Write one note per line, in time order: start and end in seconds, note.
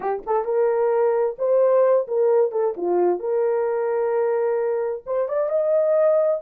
0.00 0.22 G4
0.26 0.45 A4
0.45 1.36 A#4
1.38 2.07 C5
2.07 2.51 A#4
2.51 2.74 A4
2.76 3.19 F4
3.19 5.03 A#4
5.05 5.28 C5
5.28 5.49 D5
5.49 6.40 D#5